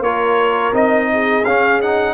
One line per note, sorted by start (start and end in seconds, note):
0.00 0.71 A#3
0.00 0.74 F4
0.00 1.09 A#4
0.00 0.74 C#5
0.73 1.44 C4
0.73 1.44 D#4
0.73 1.45 D#5
1.14 2.14 G#4
1.45 2.14 C#4
1.45 1.83 C#4
1.45 1.81 F5
1.82 2.14 D#4
1.82 2.14 F#5